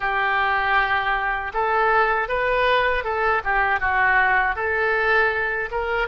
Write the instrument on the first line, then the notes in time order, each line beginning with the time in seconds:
oboe
0.00 G4
1.53 A4
2.28 B4
3.03 A4
3.43 G4
3.80 F#4
4.55 A4
5.71 A#4